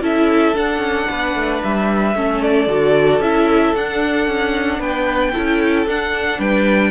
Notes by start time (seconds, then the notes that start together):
0.00 C#4 E4 A4 E5
0.54 D4 F#5
0.78 C#4
1.10 B3 B4
1.35 A3
1.63 G3 E5
2.15 A3 C#4 A4
2.42 D5
2.67 D3 F#4
3.19 C#4 E4 E5
3.74 D4 F#5
4.27 C#4
4.79 B3 B4 G5
5.32 C#4 E4 A4
5.86 D4 F#5
6.38 G3 B4 G5